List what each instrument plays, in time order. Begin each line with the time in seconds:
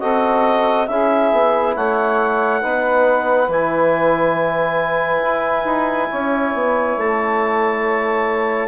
0.00 bassoon C4, trombone F#4, saxophone A4, clarinet D#5
0.87 bassoon C#4, trombone E4, saxophone G#4, clarinet E5
1.32 bassoon B3
1.75 bassoon A3, saxophone C#5, clarinet F#5
2.61 bassoon B3, trombone D#4, saxophone B4
3.48 bassoon E3, trombone E4, clarinet G#5
5.23 bassoon E4
5.65 bassoon D#4
6.10 bassoon C#4, saxophone C#5
6.53 bassoon B3
6.97 bassoon A3, clarinet A5